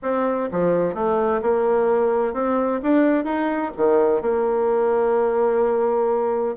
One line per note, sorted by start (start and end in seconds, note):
0.02 0.49 C4
0.51 0.94 F3
0.94 1.41 A3
1.42 2.33 A#3
2.33 2.80 C4
2.82 3.24 D4
3.24 3.71 D#4
3.76 4.21 D#3
4.21 6.56 A#3